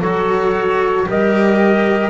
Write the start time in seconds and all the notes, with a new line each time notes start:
0.00 F#3 F#4 A4 C#5
1.07 G3 G4 A#4 D#5